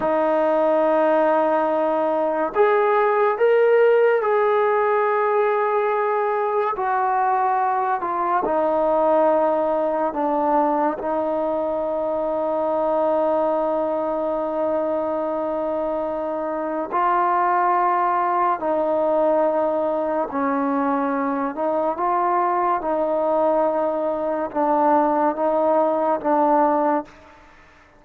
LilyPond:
\new Staff \with { instrumentName = "trombone" } { \time 4/4 \tempo 4 = 71 dis'2. gis'4 | ais'4 gis'2. | fis'4. f'8 dis'2 | d'4 dis'2.~ |
dis'1 | f'2 dis'2 | cis'4. dis'8 f'4 dis'4~ | dis'4 d'4 dis'4 d'4 | }